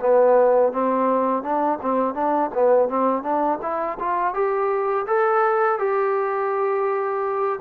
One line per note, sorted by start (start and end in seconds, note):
0.00 0.72 B3
0.73 1.43 C4
1.43 1.79 D4
1.82 2.14 C4
2.14 2.50 D4
2.54 2.89 B3
2.89 3.23 C4
3.23 3.59 D4
3.62 3.98 E4
3.99 4.34 F4
4.34 5.06 G4
5.07 5.79 A4
5.79 7.60 G4